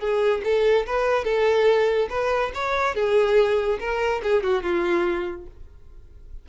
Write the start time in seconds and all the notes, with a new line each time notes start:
0.00 G#4
0.44 A4
0.87 B4
1.25 A4
2.10 B4
2.55 C#5
2.95 G#4
3.80 A#4
4.23 G#4
4.44 F#4
4.63 F4